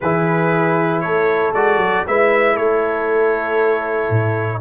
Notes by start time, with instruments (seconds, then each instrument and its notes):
0.01 tuba E3, trombone E4, horn G#4, trumpet B4
1.00 tuba A3, horn A4, trumpet C#5
1.53 tuba G#3, trombone F#4, trumpet D5
1.77 tuba F#3
2.07 tuba G#3, trombone E4, horn B4, trumpet E5
2.53 tuba A3, horn A4, trumpet C#5
4.09 tuba A2